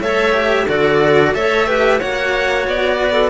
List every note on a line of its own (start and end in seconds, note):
0.00 0.66 A3
0.00 0.32 A4
0.00 0.67 C#5
0.00 0.67 E5
0.32 0.65 G4
0.68 1.33 D3
0.68 1.34 F#4
0.68 1.34 A4
0.68 1.34 D5
1.33 1.99 A3
1.33 1.67 A4
1.33 1.67 C#5
1.33 2.00 E5
1.67 1.99 G4
1.67 1.99 B4
1.99 2.67 A#3
1.99 3.29 F#4
1.99 2.98 C#5
1.99 2.66 F#5
2.67 3.29 B3
2.67 3.29 D5
3.01 3.13 B4
3.13 3.29 A4